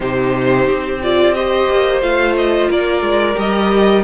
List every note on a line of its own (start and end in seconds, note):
0.00 0.66 C3
0.00 1.01 D#4
0.00 1.35 G4
0.00 1.02 C5
0.66 1.67 C4
1.02 1.34 F4
1.02 1.34 D5
1.34 2.01 G4
1.34 2.70 C5
1.34 2.01 D#5
1.69 2.01 A#3
2.01 2.69 A3
2.01 3.34 F4
2.01 2.36 F5
2.36 2.70 D#5
2.70 3.01 A#3
2.70 4.03 A#4
2.70 3.39 D5
3.01 3.34 G#3
3.34 4.03 G3
3.34 4.01 G4
3.34 4.03 D#5